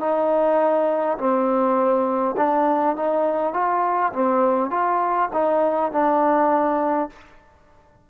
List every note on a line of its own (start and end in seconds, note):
0.00 1.18 D#4
1.18 2.36 C4
2.37 2.96 D4
2.96 3.54 D#4
3.54 4.13 F4
4.13 4.71 C4
4.71 5.29 F4
5.33 5.92 D#4
5.92 7.10 D4